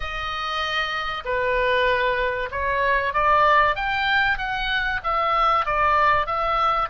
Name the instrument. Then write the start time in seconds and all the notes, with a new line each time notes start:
oboe
0.00 D#5
1.24 B4
2.51 C#5
3.13 D5
3.75 G5
4.38 F#5
5.03 E5
5.65 D5
6.26 E5